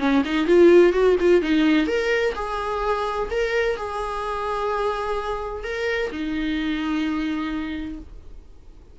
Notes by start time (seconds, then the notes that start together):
0.00 C#4
0.26 D#4
0.47 F4
0.93 F#4
1.21 F4
1.42 D#4
1.87 A#4
2.36 G#4
3.31 A#4
3.77 G#4
5.64 A#4
6.12 D#4